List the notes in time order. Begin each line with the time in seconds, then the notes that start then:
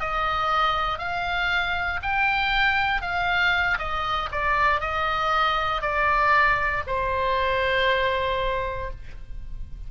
0.00 D#5
0.98 F5
2.02 G5
3.01 F5
3.78 D#5
4.31 D5
4.80 D#5
5.82 D5
6.87 C5